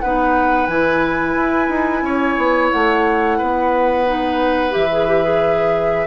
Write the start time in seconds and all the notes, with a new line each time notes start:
0.00 B3 D#4 B4 F#5
0.67 E3 E4 G#5
1.35 E4
1.69 D#4
2.02 C#4 C#5
2.38 B3
2.72 A3 F#5
3.38 B3 B4
4.07 D#4
4.71 E3 G4 E5
4.92 G#4
5.08 G4
5.24 G#4